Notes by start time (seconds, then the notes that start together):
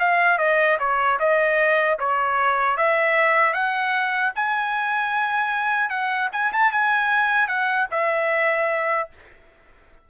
0.00 F5
0.39 D#5
0.80 C#5
1.20 D#5
2.00 C#5
2.78 E5
3.54 F#5
4.36 G#5
5.90 F#5
6.33 G#5
6.53 A5
6.72 G#5
7.48 F#5
7.92 E5